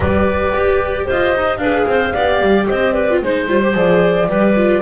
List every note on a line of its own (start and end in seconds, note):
0.00 0.53 G3
0.00 1.61 G4
0.00 1.05 B4
0.00 1.07 D5
0.54 1.07 G4
1.05 1.35 F4
1.05 1.58 C5
1.05 1.57 D#5
1.35 1.58 D#4
1.57 1.84 D4
1.57 2.15 G#4
1.57 1.87 B4
1.57 2.65 F5
1.86 2.13 C4
1.86 2.13 C5
2.13 2.41 B3
2.13 3.10 G4
2.13 2.67 D5
2.41 2.68 G3
2.67 3.21 C4
2.67 2.93 C5
2.67 2.92 D#5
2.92 3.20 B4
2.92 3.19 D5
3.10 3.24 F4
3.21 3.48 G#3
3.21 3.48 D#4
3.21 3.76 C5
3.21 4.28 C5
3.48 3.74 G3
3.48 3.61 F4
3.62 3.73 G4
3.73 4.27 F3
3.73 4.26 G#4
3.73 4.81 D5
4.27 4.81 G3
4.27 4.54 G4
4.27 4.81 B4
4.56 4.81 F4